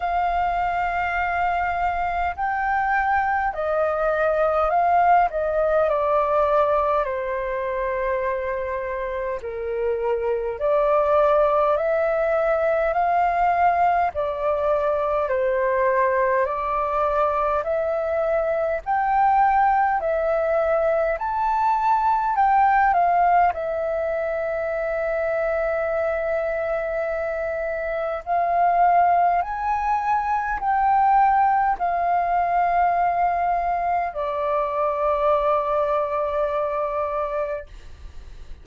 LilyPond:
\new Staff \with { instrumentName = "flute" } { \time 4/4 \tempo 4 = 51 f''2 g''4 dis''4 | f''8 dis''8 d''4 c''2 | ais'4 d''4 e''4 f''4 | d''4 c''4 d''4 e''4 |
g''4 e''4 a''4 g''8 f''8 | e''1 | f''4 gis''4 g''4 f''4~ | f''4 d''2. | }